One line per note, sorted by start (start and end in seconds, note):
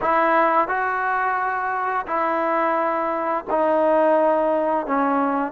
0.01 0.67 E4
0.67 2.05 F#4
2.07 3.45 E4
3.50 4.86 D#4
4.86 5.52 C#4